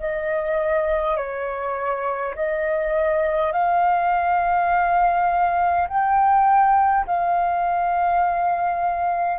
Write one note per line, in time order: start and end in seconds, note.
0.00 1.18 D#5
1.18 2.35 C#5
2.36 3.53 D#5
3.53 5.88 F5
5.89 7.06 G5
7.07 9.39 F5